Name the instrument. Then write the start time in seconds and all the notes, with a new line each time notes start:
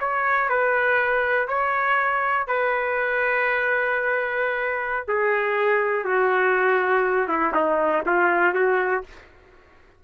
trumpet
0.00 C#5
0.49 B4
1.48 C#5
2.47 B4
5.08 G#4
6.04 F#4
7.28 E4
7.54 D#4
8.06 F4
8.54 F#4